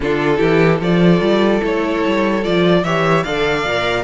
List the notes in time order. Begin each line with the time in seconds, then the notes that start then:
0.00 D3 D4 F4 A4
0.36 E3 E4 G4
0.79 F3 F4 A4 D5
1.20 G3
1.61 A3 E4 C#5
2.05 G3
2.43 F3 F4 D5
2.83 E3 G4 C#5 E5
3.23 D3 A4 D5 F5
3.64 A#2 A#4